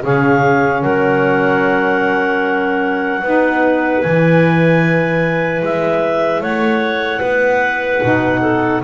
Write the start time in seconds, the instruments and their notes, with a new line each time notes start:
0.00 double bass C#3, saxophone C#4, clarinet G#4 F5
0.82 double bass F#3, clarinet A#4 F#5
3.22 double bass B3, saxophone D#4, clarinet B4
4.02 double bass E3, saxophone E4, clarinet G#5
5.62 double bass G#3, clarinet E5
6.40 double bass A3, clarinet C#5 F#5
7.19 double bass B3, clarinet B4
8.02 double bass B2, saxophone D#4
8.41 clarinet A4